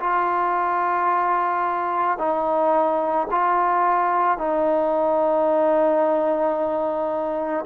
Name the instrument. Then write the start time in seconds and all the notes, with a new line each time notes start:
trombone
0.00 F4
2.18 D#4
3.31 F4
4.38 D#4